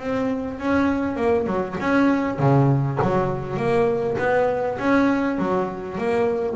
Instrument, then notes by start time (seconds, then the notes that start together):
double bass
0.00 C4
0.60 C#4
1.17 A#3
1.46 F#3
1.80 C#4
2.39 C#3
3.02 F#3
3.57 A#3
4.18 B3
4.79 C#4
5.39 F#3
5.98 A#3